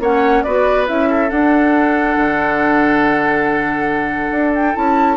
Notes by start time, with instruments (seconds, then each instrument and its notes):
0.00 bassoon A#3, clarinet C#4, oboe C#5, flute F#5
0.43 bassoon B3, clarinet F#4, oboe B4, flute D5
0.86 bassoon C#4, clarinet E4, flute E5
1.10 oboe A4
1.29 clarinet D4, bassoon D4, flute F#5
2.17 bassoon D3
4.31 bassoon D4
4.55 flute G5
4.74 bassoon C#4, clarinet E4, flute A5